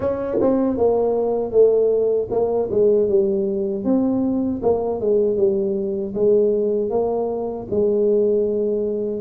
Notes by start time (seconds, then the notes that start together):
0.00 C#4
0.40 C4
0.77 A#3
1.51 A3
2.30 A#3
2.71 G#3
3.08 G3
3.84 C4
4.62 A#3
5.00 G#3
5.37 G3
6.14 G#3
6.90 A#3
7.70 G#3